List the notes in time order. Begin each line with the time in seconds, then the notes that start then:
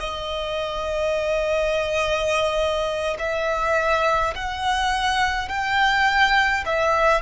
0.00 D#5
3.19 E5
4.35 F#5
5.49 G5
6.66 E5